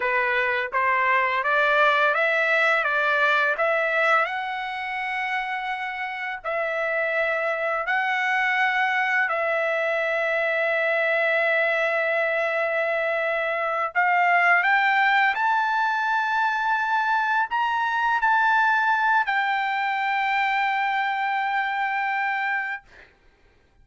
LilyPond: \new Staff \with { instrumentName = "trumpet" } { \time 4/4 \tempo 4 = 84 b'4 c''4 d''4 e''4 | d''4 e''4 fis''2~ | fis''4 e''2 fis''4~ | fis''4 e''2.~ |
e''2.~ e''8 f''8~ | f''8 g''4 a''2~ a''8~ | a''8 ais''4 a''4. g''4~ | g''1 | }